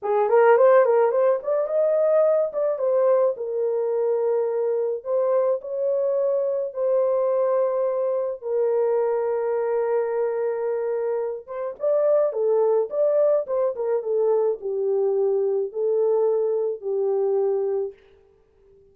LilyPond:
\new Staff \with { instrumentName = "horn" } { \time 4/4 \tempo 4 = 107 gis'8 ais'8 c''8 ais'8 c''8 d''8 dis''4~ | dis''8 d''8 c''4 ais'2~ | ais'4 c''4 cis''2 | c''2. ais'4~ |
ais'1~ | ais'8 c''8 d''4 a'4 d''4 | c''8 ais'8 a'4 g'2 | a'2 g'2 | }